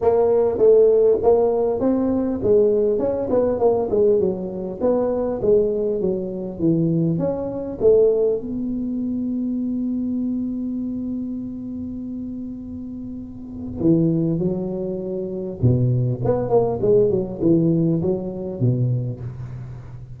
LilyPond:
\new Staff \with { instrumentName = "tuba" } { \time 4/4 \tempo 4 = 100 ais4 a4 ais4 c'4 | gis4 cis'8 b8 ais8 gis8 fis4 | b4 gis4 fis4 e4 | cis'4 a4 b2~ |
b1~ | b2. e4 | fis2 b,4 b8 ais8 | gis8 fis8 e4 fis4 b,4 | }